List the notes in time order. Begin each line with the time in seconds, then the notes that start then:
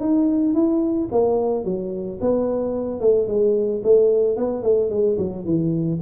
0.00 D#4
0.54 E4
1.12 A#3
1.65 F#3
2.21 B3
3.00 A3
3.28 G#3
3.84 A3
4.37 B3
4.63 A3
4.90 G#3
5.18 F#3
5.45 E3